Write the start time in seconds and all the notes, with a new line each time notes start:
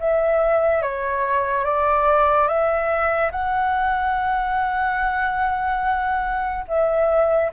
0.00 E5
0.83 C#5
1.65 D5
2.48 E5
3.32 F#5
6.68 E5